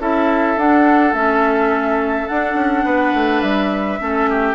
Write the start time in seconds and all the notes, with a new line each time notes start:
0.00 C#4 E4 A4 E5
0.57 D4 F#5
1.13 A3 C#4 E5
2.28 D4 F#5
2.55 C#4
2.85 B3 B4
3.14 A3
3.41 G3 E5
4.00 A3 C#4 A4
4.30 G4